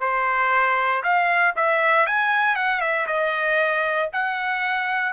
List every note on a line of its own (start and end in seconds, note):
0.00 1.03 C5
1.03 1.54 F5
1.56 2.06 E5
2.06 2.55 G#5
2.55 2.81 F#5
2.81 3.06 E5
3.07 4.09 D#5
4.13 5.13 F#5